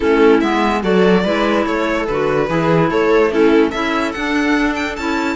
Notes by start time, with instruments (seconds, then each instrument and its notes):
0.00 cello A3, clarinet C#4, viola E4, violin A4
0.40 cello G#3, clarinet B3, violin E5
0.82 cello F#3, clarinet F#4, viola A4, violin D5
1.24 cello G#3, clarinet E4, viola B4
1.65 cello A3, viola A4, violin C#5
2.06 cello D3, clarinet F#4, violin B4
2.48 cello E3, clarinet E4, viola G#4
2.90 cello A3, viola A4, violin C#5
3.30 clarinet C#4, viola E4, violin A4
3.70 cello C#4, clarinet E4, viola A4, violin E5
4.12 clarinet D4, cello D4, violin F#5
4.75 violin G5
4.95 cello C#4, clarinet E4, violin A5